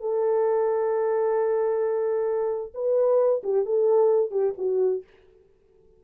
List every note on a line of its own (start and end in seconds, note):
0.00 2.73 A4
2.74 3.42 B4
3.43 3.65 G4
3.65 4.31 A4
4.31 4.54 G4
4.58 5.03 F#4